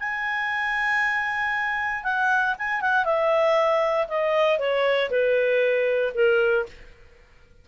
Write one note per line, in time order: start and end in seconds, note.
0.00 2.04 G#5
2.04 2.55 F#5
2.59 2.81 G#5
2.81 3.05 F#5
3.05 4.07 E5
4.08 4.59 D#5
4.59 5.10 C#5
5.11 6.13 B4
6.15 6.66 A#4